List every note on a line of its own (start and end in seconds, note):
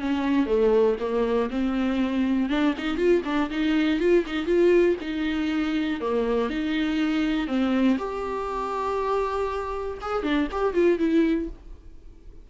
0.00 0.47 C#4
0.47 0.97 A3
1.00 1.50 A#3
1.51 2.50 C4
2.50 2.75 D4
2.78 2.97 D#4
2.97 3.22 F4
3.25 3.50 D4
3.50 4.00 D#4
4.00 4.25 F4
4.27 4.46 D#4
4.46 4.96 F4
5.01 6.01 D#4
6.01 6.50 A#3
6.50 7.48 D#4
7.48 7.98 C4
7.99 9.98 G4
10.02 10.23 G#4
10.23 10.48 D4
10.52 10.74 G4
10.74 10.99 F4
10.99 11.49 E4